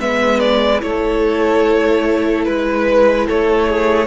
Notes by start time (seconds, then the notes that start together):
0.00 G#3 B3 B4 E5
0.40 D5
0.81 A3 E4 A4 C#5
2.45 G#3 B4
3.27 A3 A4 C#5
3.69 G#4